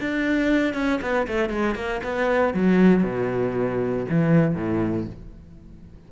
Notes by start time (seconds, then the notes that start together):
0.00 D4
0.74 C#4
1.01 B3
1.27 A3
1.49 G#3
1.75 A#3
2.03 B3
2.54 F#3
3.03 B2
4.09 E3
4.55 A2